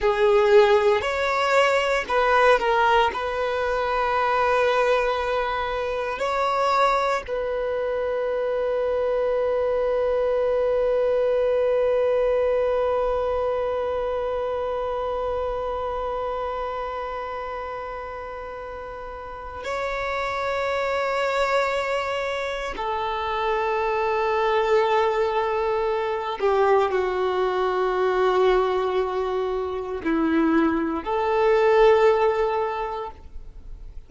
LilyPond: \new Staff \with { instrumentName = "violin" } { \time 4/4 \tempo 4 = 58 gis'4 cis''4 b'8 ais'8 b'4~ | b'2 cis''4 b'4~ | b'1~ | b'1~ |
b'2. cis''4~ | cis''2 a'2~ | a'4. g'8 fis'2~ | fis'4 e'4 a'2 | }